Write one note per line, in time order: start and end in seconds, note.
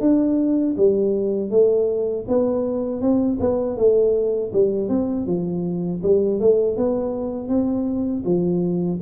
0.00 0.75 D4
0.77 1.50 G3
1.50 2.25 A3
2.27 3.01 B3
3.01 3.38 C4
3.40 3.76 B3
3.76 4.51 A3
4.53 4.89 G3
4.89 5.26 C4
5.26 6.01 F3
6.03 6.40 G3
6.40 6.76 A3
6.76 7.48 B3
7.48 8.23 C4
8.25 9.00 F3